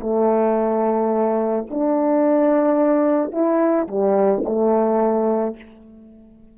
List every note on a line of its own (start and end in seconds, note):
0.00 1.67 A3
1.70 3.32 D4
3.32 3.87 E4
3.88 4.43 G3
4.45 5.56 A3